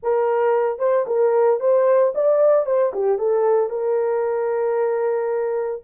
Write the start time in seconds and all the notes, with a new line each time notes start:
0.02 A#4
0.78 C5
1.06 A#4
1.60 C5
2.14 D5
2.65 C5
2.93 G4
3.18 A4
3.69 A#4